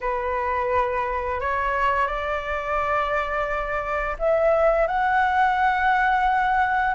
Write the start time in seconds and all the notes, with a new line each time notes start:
0.00 B4
1.40 C#5
2.06 D5
4.18 E5
4.87 F#5